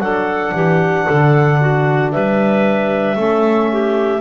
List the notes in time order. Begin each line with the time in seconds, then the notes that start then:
0.00 F#3 D4 A4 F#5
0.54 E3 G4
1.07 D3 A4
1.61 F#4
2.12 G3 B4 E5
3.17 A3 C#4 A4
3.72 G4